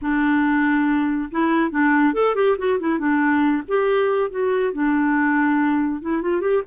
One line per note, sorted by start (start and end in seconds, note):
0.01 1.30 D4
1.31 1.70 E4
1.70 2.13 D4
2.13 2.35 A4
2.35 2.56 G4
2.58 2.79 F#4
2.79 2.98 E4
2.98 3.63 D4
3.68 4.30 G4
4.30 4.73 F#4
4.73 6.01 D4
6.01 6.22 E4
6.22 6.41 F4
6.41 6.62 G4